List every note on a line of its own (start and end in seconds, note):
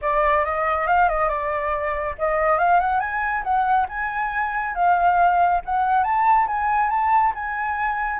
0.01 0.45 D5
0.45 0.87 D#5
0.87 1.08 F5
1.09 1.28 D#5
1.28 2.15 D5
2.18 2.58 D#5
2.58 2.79 F5
2.79 3.00 F#5
3.00 3.43 G#5
3.43 3.86 F#5
3.88 4.74 G#5
4.74 5.61 F5
5.65 6.03 F#5
6.03 6.46 A5
6.47 6.89 G#5
6.89 7.32 A5
7.35 8.19 G#5